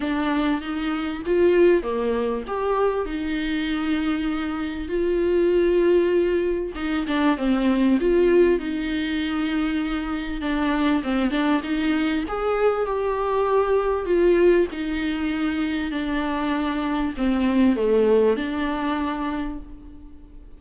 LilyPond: \new Staff \with { instrumentName = "viola" } { \time 4/4 \tempo 4 = 98 d'4 dis'4 f'4 ais4 | g'4 dis'2. | f'2. dis'8 d'8 | c'4 f'4 dis'2~ |
dis'4 d'4 c'8 d'8 dis'4 | gis'4 g'2 f'4 | dis'2 d'2 | c'4 a4 d'2 | }